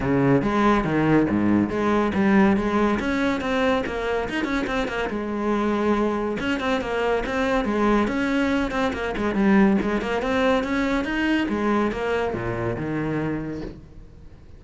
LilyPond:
\new Staff \with { instrumentName = "cello" } { \time 4/4 \tempo 4 = 141 cis4 gis4 dis4 gis,4 | gis4 g4 gis4 cis'4 | c'4 ais4 dis'8 cis'8 c'8 ais8 | gis2. cis'8 c'8 |
ais4 c'4 gis4 cis'4~ | cis'8 c'8 ais8 gis8 g4 gis8 ais8 | c'4 cis'4 dis'4 gis4 | ais4 ais,4 dis2 | }